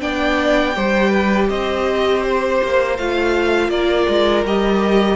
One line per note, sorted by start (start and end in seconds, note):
0.00 0.76 B3
0.00 0.74 D4
0.00 0.76 D5
0.00 1.49 G5
0.75 1.50 G3
0.75 2.97 G4
0.75 1.10 C5
1.10 1.47 B4
1.49 2.61 C4
1.49 3.71 C5
1.49 2.23 D#5
2.23 2.97 C5
2.63 2.98 A#3
2.98 3.69 A3
2.98 4.46 F4
2.98 3.70 F5
3.69 4.06 A#3
3.69 5.16 A#4
3.69 4.44 D5
4.08 4.44 G#3
4.44 5.16 G3
4.44 5.16 G4
4.44 5.16 D#5